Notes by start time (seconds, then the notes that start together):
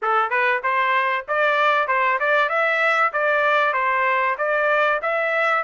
0.02 A4
0.30 B4
0.63 C5
1.28 D5
1.87 C5
2.19 D5
2.49 E5
3.12 D5
3.73 C5
4.38 D5
5.02 E5